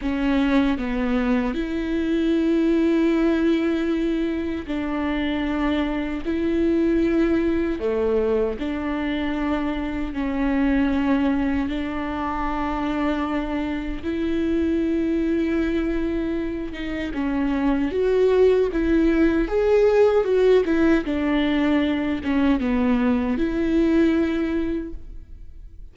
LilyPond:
\new Staff \with { instrumentName = "viola" } { \time 4/4 \tempo 4 = 77 cis'4 b4 e'2~ | e'2 d'2 | e'2 a4 d'4~ | d'4 cis'2 d'4~ |
d'2 e'2~ | e'4. dis'8 cis'4 fis'4 | e'4 gis'4 fis'8 e'8 d'4~ | d'8 cis'8 b4 e'2 | }